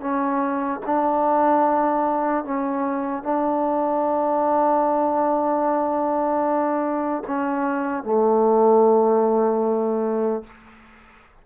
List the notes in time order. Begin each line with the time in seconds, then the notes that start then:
0.00 C#4
0.85 D4
2.44 C#4
3.23 D4
7.27 C#4
8.03 A3